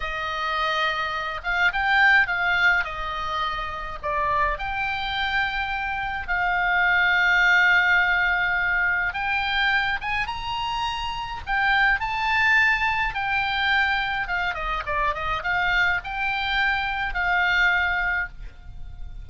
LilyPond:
\new Staff \with { instrumentName = "oboe" } { \time 4/4 \tempo 4 = 105 dis''2~ dis''8 f''8 g''4 | f''4 dis''2 d''4 | g''2. f''4~ | f''1 |
g''4. gis''8 ais''2 | g''4 a''2 g''4~ | g''4 f''8 dis''8 d''8 dis''8 f''4 | g''2 f''2 | }